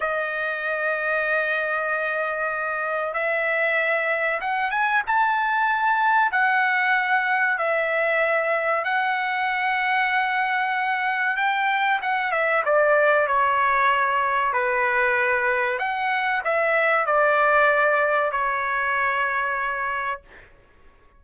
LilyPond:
\new Staff \with { instrumentName = "trumpet" } { \time 4/4 \tempo 4 = 95 dis''1~ | dis''4 e''2 fis''8 gis''8 | a''2 fis''2 | e''2 fis''2~ |
fis''2 g''4 fis''8 e''8 | d''4 cis''2 b'4~ | b'4 fis''4 e''4 d''4~ | d''4 cis''2. | }